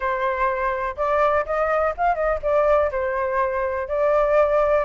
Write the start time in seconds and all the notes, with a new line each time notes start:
0.00 C5
0.96 D5
1.45 D#5
1.97 F5
2.14 D#5
2.42 D5
2.91 C5
3.88 D5